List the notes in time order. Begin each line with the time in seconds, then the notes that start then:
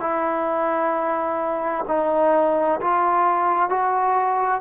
0.00 E4
1.88 D#4
2.80 F4
3.69 F#4